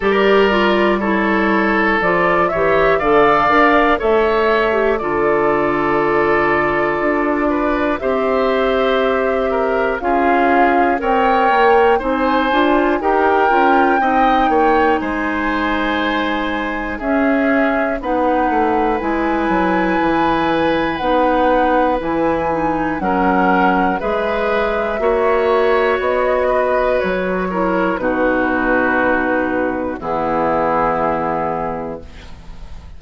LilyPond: <<
  \new Staff \with { instrumentName = "flute" } { \time 4/4 \tempo 4 = 60 d''4 cis''4 d''8 e''8 f''4 | e''4 d''2. | e''2 f''4 g''4 | gis''4 g''2 gis''4~ |
gis''4 e''4 fis''4 gis''4~ | gis''4 fis''4 gis''4 fis''4 | e''2 dis''4 cis''4 | b'2 gis'2 | }
  \new Staff \with { instrumentName = "oboe" } { \time 4/4 ais'4 a'4. cis''8 d''4 | cis''4 a'2~ a'8 b'8 | c''4. ais'8 gis'4 cis''4 | c''4 ais'4 dis''8 cis''8 c''4~ |
c''4 gis'4 b'2~ | b'2. ais'4 | b'4 cis''4. b'4 ais'8 | fis'2 e'2 | }
  \new Staff \with { instrumentName = "clarinet" } { \time 4/4 g'8 f'8 e'4 f'8 g'8 a'8 ais'8 | a'8. g'16 f'2. | g'2 f'4 ais'4 | dis'8 f'8 g'8 f'8 dis'2~ |
dis'4 cis'4 dis'4 e'4~ | e'4 dis'4 e'8 dis'8 cis'4 | gis'4 fis'2~ fis'8 e'8 | dis'2 b2 | }
  \new Staff \with { instrumentName = "bassoon" } { \time 4/4 g2 f8 e8 d8 d'8 | a4 d2 d'4 | c'2 cis'4 c'8 ais8 | c'8 d'8 dis'8 cis'8 c'8 ais8 gis4~ |
gis4 cis'4 b8 a8 gis8 fis8 | e4 b4 e4 fis4 | gis4 ais4 b4 fis4 | b,2 e2 | }
>>